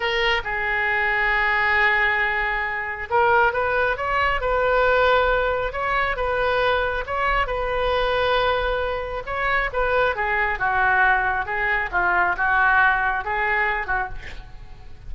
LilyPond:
\new Staff \with { instrumentName = "oboe" } { \time 4/4 \tempo 4 = 136 ais'4 gis'2.~ | gis'2. ais'4 | b'4 cis''4 b'2~ | b'4 cis''4 b'2 |
cis''4 b'2.~ | b'4 cis''4 b'4 gis'4 | fis'2 gis'4 f'4 | fis'2 gis'4. fis'8 | }